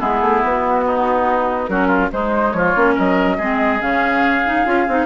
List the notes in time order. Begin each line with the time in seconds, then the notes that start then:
0.00 G#3 B3 E4 G#4
0.21 A3
0.43 B3 F#4
0.86 D#4
1.67 F#3 C#4 F#4 A#4
1.87 F4
2.10 G#3 D#4 C5
2.52 F3 F4 C#5
2.76 A#3 C#4
2.94 F#3 A#4 D#5
3.38 G#3 C4 G#4
3.80 C#3 C#4 F5
4.45 D#4
4.66 C#4 F4
4.88 C4 D#4